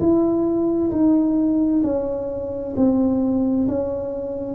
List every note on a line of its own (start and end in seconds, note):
0.00 0.91 E4
0.91 1.82 D#4
1.84 2.75 C#4
2.77 3.68 C4
3.69 4.55 C#4